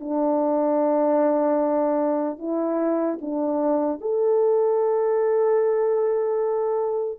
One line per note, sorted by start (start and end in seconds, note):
0.00 2.39 D4
2.39 3.19 E4
3.21 4.01 D4
4.01 7.19 A4